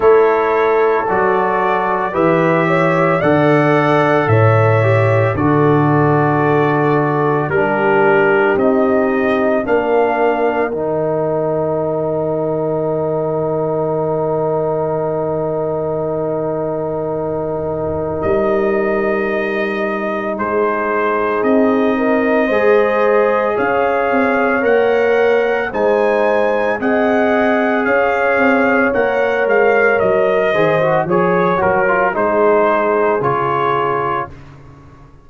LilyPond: <<
  \new Staff \with { instrumentName = "trumpet" } { \time 4/4 \tempo 4 = 56 cis''4 d''4 e''4 fis''4 | e''4 d''2 ais'4 | dis''4 f''4 g''2~ | g''1~ |
g''4 dis''2 c''4 | dis''2 f''4 fis''4 | gis''4 fis''4 f''4 fis''8 f''8 | dis''4 cis''8 ais'8 c''4 cis''4 | }
  \new Staff \with { instrumentName = "horn" } { \time 4/4 a'2 b'8 cis''8 d''4 | cis''4 a'2 g'4~ | g'4 ais'2.~ | ais'1~ |
ais'2. gis'4~ | gis'8 ais'8 c''4 cis''2 | c''4 dis''4 cis''2~ | cis''8 c''8 cis''4 gis'2 | }
  \new Staff \with { instrumentName = "trombone" } { \time 4/4 e'4 fis'4 g'4 a'4~ | a'8 g'8 fis'2 d'4 | dis'4 d'4 dis'2~ | dis'1~ |
dis'1~ | dis'4 gis'2 ais'4 | dis'4 gis'2 ais'4~ | ais'8 gis'16 fis'16 gis'8 fis'16 f'16 dis'4 f'4 | }
  \new Staff \with { instrumentName = "tuba" } { \time 4/4 a4 fis4 e4 d4 | a,4 d2 g4 | c'4 ais4 dis2~ | dis1~ |
dis4 g2 gis4 | c'4 gis4 cis'8 c'8 ais4 | gis4 c'4 cis'8 c'8 ais8 gis8 | fis8 dis8 f8 fis8 gis4 cis4 | }
>>